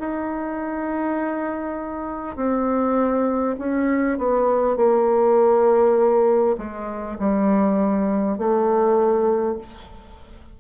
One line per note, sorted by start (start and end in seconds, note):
0.00 2.37 D#4
2.37 3.57 C4
3.59 4.19 C#4
4.19 4.77 B3
4.77 6.57 A#3
6.58 7.18 G#3
7.19 8.39 G3
8.39 9.59 A3